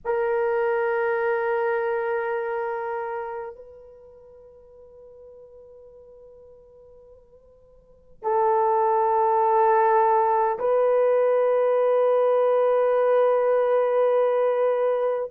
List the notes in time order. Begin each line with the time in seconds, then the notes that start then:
0.04 A#4
3.55 B4
8.22 A4
10.59 B4